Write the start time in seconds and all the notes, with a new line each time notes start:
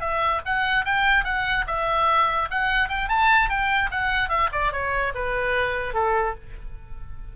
0.00 E5
0.45 F#5
0.85 G5
1.24 F#5
1.67 E5
2.50 F#5
2.88 G5
3.09 A5
3.49 G5
3.91 F#5
4.29 E5
4.52 D5
4.72 C#5
5.14 B4
5.94 A4